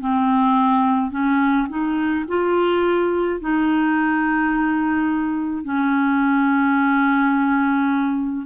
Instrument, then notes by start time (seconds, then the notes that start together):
clarinet
0.00 C4
1.11 C#4
1.69 D#4
2.28 F4
3.40 D#4
5.64 C#4